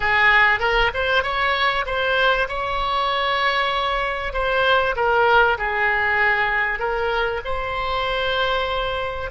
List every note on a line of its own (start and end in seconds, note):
0.00 0.59 G#4
0.59 0.90 A#4
0.94 1.23 C5
1.23 1.85 C#5
1.86 2.47 C5
2.48 4.33 C#5
4.33 4.95 C5
4.95 5.57 A#4
5.58 6.79 G#4
6.79 7.41 A#4
7.44 9.30 C5